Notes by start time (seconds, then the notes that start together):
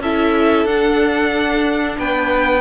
0.00 C#4 E4 A4 E5
0.65 D4 F#5
1.99 B3 B4 G5